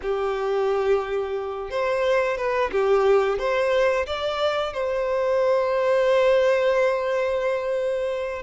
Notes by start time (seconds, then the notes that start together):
0.02 G4
1.70 C5
2.37 B4
2.71 G4
3.38 C5
4.06 D5
4.73 C5